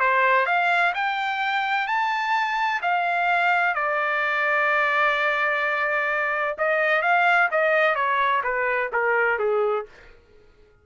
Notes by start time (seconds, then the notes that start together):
0.00 C5
0.46 F5
0.95 G5
1.88 A5
2.82 F5
3.75 D5
6.58 D#5
7.02 F5
7.51 D#5
7.96 C#5
8.44 B4
8.93 A#4
9.39 G#4